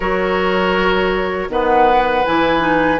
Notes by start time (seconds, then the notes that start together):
0.00 F#3 F#4 A#4 C#5
1.49 D#3 B3 B4 F#5
2.25 E3 E4 G#5
2.59 D#4